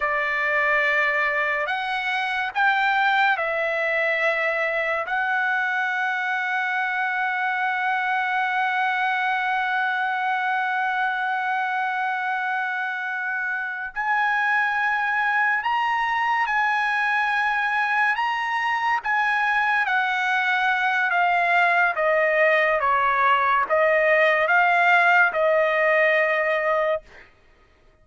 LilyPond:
\new Staff \with { instrumentName = "trumpet" } { \time 4/4 \tempo 4 = 71 d''2 fis''4 g''4 | e''2 fis''2~ | fis''1~ | fis''1~ |
fis''8 gis''2 ais''4 gis''8~ | gis''4. ais''4 gis''4 fis''8~ | fis''4 f''4 dis''4 cis''4 | dis''4 f''4 dis''2 | }